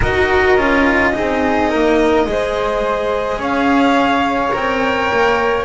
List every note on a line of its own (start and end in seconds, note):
0.00 0.56 D#4
0.00 0.58 F#4
0.00 1.11 A#4
0.00 3.41 D#5
0.56 1.13 C#4
0.56 1.12 F4
1.12 1.74 C4
1.12 2.26 D#4
1.12 1.69 G#4
1.69 2.26 A#3
1.69 2.26 A#4
2.26 3.37 G#3
2.26 4.51 G#4
2.26 3.39 C5
3.37 4.50 C#4
3.37 5.64 C#5
3.37 4.55 F5
4.51 5.11 C4
4.51 5.64 A#4
4.51 5.64 G5
5.11 5.64 A#3